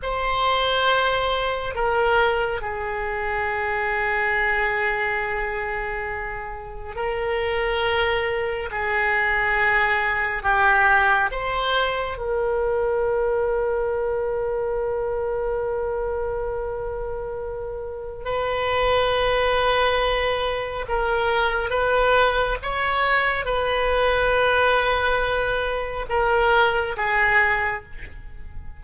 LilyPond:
\new Staff \with { instrumentName = "oboe" } { \time 4/4 \tempo 4 = 69 c''2 ais'4 gis'4~ | gis'1 | ais'2 gis'2 | g'4 c''4 ais'2~ |
ais'1~ | ais'4 b'2. | ais'4 b'4 cis''4 b'4~ | b'2 ais'4 gis'4 | }